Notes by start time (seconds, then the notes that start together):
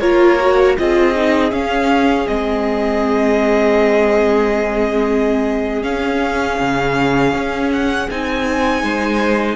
0.00 A#3 F4 A#4 C#5
0.39 F#4
0.78 C4 F4 G#4 D#5
1.14 D#4
1.51 C#4 F5
2.25 G#3 C4 D#5
5.81 C#4 F5
6.59 C#3
7.33 C#4
7.72 F#5
8.10 C4 D#4 G#5
8.82 G#3 C5